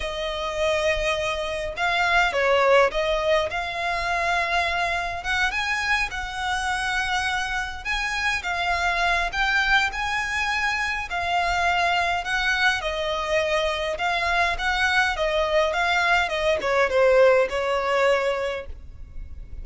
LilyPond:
\new Staff \with { instrumentName = "violin" } { \time 4/4 \tempo 4 = 103 dis''2. f''4 | cis''4 dis''4 f''2~ | f''4 fis''8 gis''4 fis''4.~ | fis''4. gis''4 f''4. |
g''4 gis''2 f''4~ | f''4 fis''4 dis''2 | f''4 fis''4 dis''4 f''4 | dis''8 cis''8 c''4 cis''2 | }